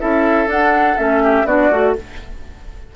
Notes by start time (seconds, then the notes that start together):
0.00 C#4 E4 A4 E5
0.47 D4 F#5
0.98 A3 C#4 E5
1.24 G4
1.45 B3 D4 F#4 D5
1.71 A3 F#4